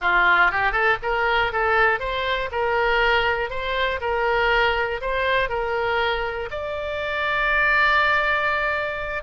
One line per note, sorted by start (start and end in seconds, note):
0.01 0.51 F4
0.51 0.72 G4
0.72 0.97 A4
1.02 1.52 A#4
1.52 1.99 A4
1.99 2.49 C5
2.51 3.50 A#4
3.50 4.00 C5
4.00 5.00 A#4
5.01 5.49 C5
5.49 6.49 A#4
6.50 9.23 D5